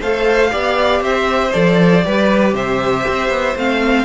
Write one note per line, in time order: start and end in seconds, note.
0.00 0.53 A3
0.00 0.50 A4
0.00 0.51 C5
0.00 1.04 F5
0.50 1.01 B3
0.50 1.52 G4
0.50 1.03 D5
1.01 1.52 C4
1.01 2.05 C5
1.01 1.53 E5
1.53 2.06 F3
1.53 2.03 A4
1.53 2.54 D5
2.03 2.54 G3
2.03 3.55 G4
2.03 2.55 B4
2.54 3.05 C3
2.54 4.05 C5
2.54 3.58 E5
3.08 3.30 C4
3.30 3.55 B3
3.57 4.05 A3
3.57 4.05 C4
3.57 4.05 F5